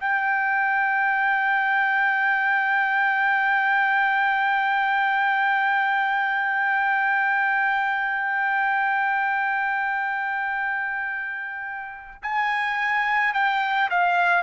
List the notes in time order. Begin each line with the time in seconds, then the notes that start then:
0.00 G5
12.23 G#5
13.34 G5
13.91 F5